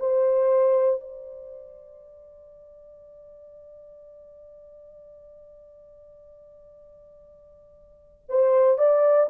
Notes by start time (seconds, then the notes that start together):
0.00 C5
1.01 D5
8.29 C5
8.78 D5